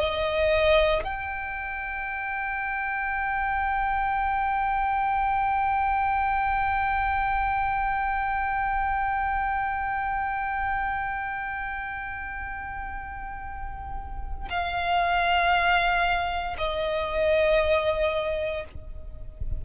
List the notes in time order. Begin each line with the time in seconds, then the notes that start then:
0.00 D#5
1.04 G5
14.50 F5
16.58 D#5